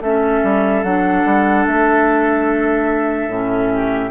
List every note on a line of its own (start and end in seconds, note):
0.00 0.41 A3
0.00 0.85 C#4
0.00 3.73 A4
0.00 0.83 E5
0.43 0.83 G3
0.83 1.24 F#3
0.83 3.31 D4
0.83 1.65 F#5
1.24 1.65 G3
1.66 3.28 A3
1.66 4.11 E5
3.28 4.10 A2
3.28 4.11 C#4
3.73 4.11 G4